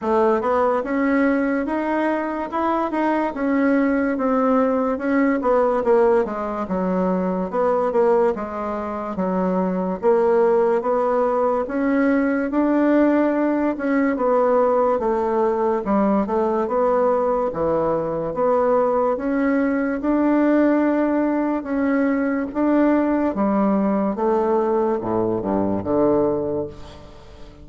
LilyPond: \new Staff \with { instrumentName = "bassoon" } { \time 4/4 \tempo 4 = 72 a8 b8 cis'4 dis'4 e'8 dis'8 | cis'4 c'4 cis'8 b8 ais8 gis8 | fis4 b8 ais8 gis4 fis4 | ais4 b4 cis'4 d'4~ |
d'8 cis'8 b4 a4 g8 a8 | b4 e4 b4 cis'4 | d'2 cis'4 d'4 | g4 a4 a,8 g,8 d4 | }